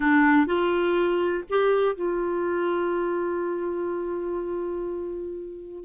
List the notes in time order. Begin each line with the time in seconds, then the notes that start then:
0.00 D4
0.46 F4
1.49 G4
1.95 F4